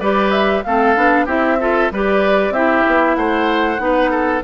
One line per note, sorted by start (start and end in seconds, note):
0.00 0.63 G3
0.00 0.65 G4
0.00 0.64 B4
0.00 0.31 D5
0.31 0.63 E5
0.64 0.97 A3
0.64 0.96 C4
0.64 1.26 A4
0.64 1.27 F5
0.96 1.27 B3
0.96 1.27 D4
1.26 1.90 C4
1.26 1.59 E4
1.26 1.57 G4
1.26 1.92 E5
1.60 1.92 F4
1.60 1.92 A4
1.91 2.51 G3
1.91 2.55 G4
1.91 2.54 B4
1.91 2.53 D5
2.51 2.82 C4
2.51 3.78 E4
2.51 3.17 G4
2.51 3.16 E5
2.87 3.17 B3
3.16 3.79 A3
3.16 3.81 C5
3.16 4.42 F#5
3.78 4.42 B3
3.78 4.41 D#4
3.78 4.11 B4
4.11 4.42 A4